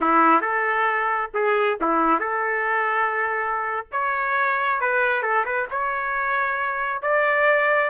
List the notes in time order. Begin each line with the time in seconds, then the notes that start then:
0.00 E4
0.41 A4
1.34 G#4
1.81 E4
2.19 A4
3.92 C#5
4.81 B4
5.22 A4
5.45 B4
5.71 C#5
7.02 D5